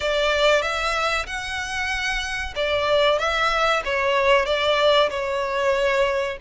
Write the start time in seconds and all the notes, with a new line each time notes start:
0.00 D5
0.62 E5
1.26 F#5
2.55 D5
3.18 E5
3.85 C#5
4.45 D5
5.10 C#5